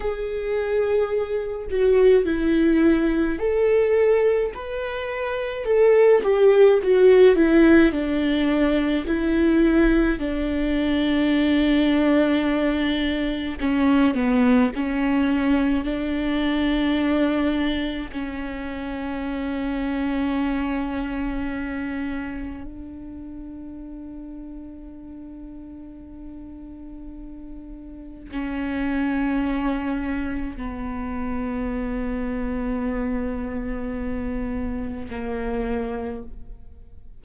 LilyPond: \new Staff \with { instrumentName = "viola" } { \time 4/4 \tempo 4 = 53 gis'4. fis'8 e'4 a'4 | b'4 a'8 g'8 fis'8 e'8 d'4 | e'4 d'2. | cis'8 b8 cis'4 d'2 |
cis'1 | d'1~ | d'4 cis'2 b4~ | b2. ais4 | }